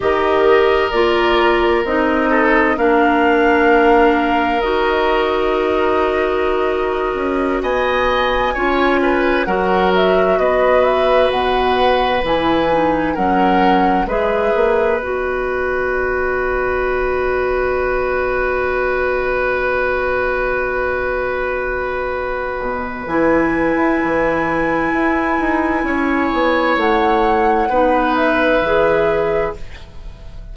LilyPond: <<
  \new Staff \with { instrumentName = "flute" } { \time 4/4 \tempo 4 = 65 dis''4 d''4 dis''4 f''4~ | f''4 dis''2.~ | dis''16 gis''2 fis''8 e''8 dis''8 e''16~ | e''16 fis''4 gis''4 fis''4 e''8.~ |
e''16 dis''2.~ dis''8.~ | dis''1~ | dis''4 gis''2.~ | gis''4 fis''4. e''4. | }
  \new Staff \with { instrumentName = "oboe" } { \time 4/4 ais'2~ ais'8 a'8 ais'4~ | ais'1~ | ais'16 dis''4 cis''8 b'8 ais'4 b'8.~ | b'2~ b'16 ais'4 b'8.~ |
b'1~ | b'1~ | b'1 | cis''2 b'2 | }
  \new Staff \with { instrumentName = "clarinet" } { \time 4/4 g'4 f'4 dis'4 d'4~ | d'4 fis'2.~ | fis'4~ fis'16 f'4 fis'4.~ fis'16~ | fis'4~ fis'16 e'8 dis'8 cis'4 gis'8.~ |
gis'16 fis'2.~ fis'8.~ | fis'1~ | fis'4 e'2.~ | e'2 dis'4 gis'4 | }
  \new Staff \with { instrumentName = "bassoon" } { \time 4/4 dis4 ais4 c'4 ais4~ | ais4 dis'2~ dis'8. cis'16~ | cis'16 b4 cis'4 fis4 b8.~ | b16 b,4 e4 fis4 gis8 ais16~ |
ais16 b2.~ b8.~ | b1~ | b8 b,8 e8. e'16 e4 e'8 dis'8 | cis'8 b8 a4 b4 e4 | }
>>